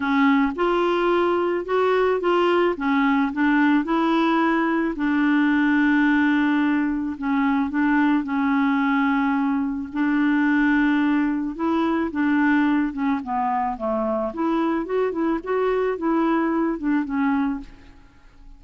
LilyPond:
\new Staff \with { instrumentName = "clarinet" } { \time 4/4 \tempo 4 = 109 cis'4 f'2 fis'4 | f'4 cis'4 d'4 e'4~ | e'4 d'2.~ | d'4 cis'4 d'4 cis'4~ |
cis'2 d'2~ | d'4 e'4 d'4. cis'8 | b4 a4 e'4 fis'8 e'8 | fis'4 e'4. d'8 cis'4 | }